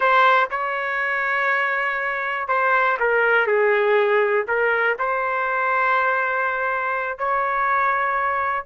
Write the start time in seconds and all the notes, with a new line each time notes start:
0.00 C5
0.50 C#5
2.47 C5
2.99 A#4
3.47 G#4
4.47 A#4
4.98 C5
7.18 C#5